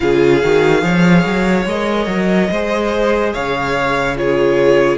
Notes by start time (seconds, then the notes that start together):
0.00 C#3 F4 G#4 F5
0.41 D#3 F#4
0.81 F3 G#4 C#5
1.25 F#3
1.66 G#3 A#4 D#5
2.07 F#3
2.50 G#3 G#4 C5
3.33 C#3 C#5 F5
4.15 F4 G#4 C#5